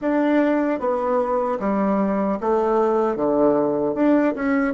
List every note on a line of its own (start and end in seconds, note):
0.01 0.79 D4
0.79 1.58 B3
1.59 2.38 G3
2.40 3.16 A3
3.16 3.95 D3
3.95 4.34 D4
4.35 4.74 C#4